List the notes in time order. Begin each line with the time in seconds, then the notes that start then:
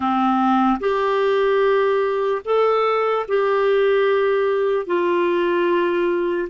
0.00 C4
0.80 G4
2.45 A4
3.28 G4
4.86 F4